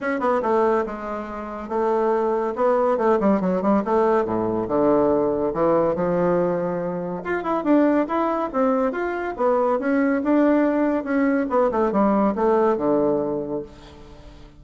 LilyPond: \new Staff \with { instrumentName = "bassoon" } { \time 4/4 \tempo 4 = 141 cis'8 b8 a4 gis2 | a2 b4 a8 g8 | fis8 g8 a4 a,4 d4~ | d4 e4 f2~ |
f4 f'8 e'8 d'4 e'4 | c'4 f'4 b4 cis'4 | d'2 cis'4 b8 a8 | g4 a4 d2 | }